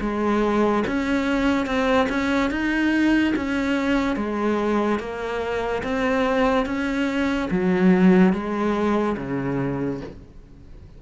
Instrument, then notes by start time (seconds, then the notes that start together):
cello
0.00 G#3
0.86 C#4
1.66 C4
2.09 C#4
2.50 D#4
3.35 C#4
4.16 G#3
4.99 A#3
5.83 C4
6.66 C#4
7.50 F#3
8.33 G#3
9.17 C#3